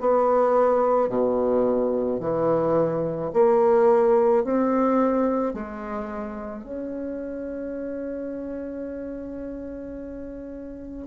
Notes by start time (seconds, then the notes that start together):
0.00 B3
1.09 B2
2.20 E3
3.33 A#3
4.43 C4
5.54 G#3
6.63 C#4